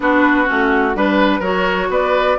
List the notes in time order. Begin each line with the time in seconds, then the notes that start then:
0.00 B3 D4 F#4 B4
0.45 A3 C#4 F#4
0.94 G3 D4 B4
1.39 F#3 F#4 A#4 C#5
1.89 B3 B4 D5